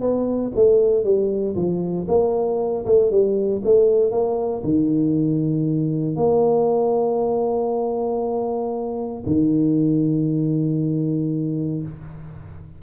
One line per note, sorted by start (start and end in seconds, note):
0.00 0.51 B3
0.55 1.03 A3
1.03 1.55 G3
1.55 2.07 F3
2.08 2.85 A#3
2.85 3.10 A3
3.10 3.62 G3
3.64 4.11 A3
4.11 4.62 A#3
4.63 6.16 D#3
6.16 9.23 A#3
9.26 11.82 D#3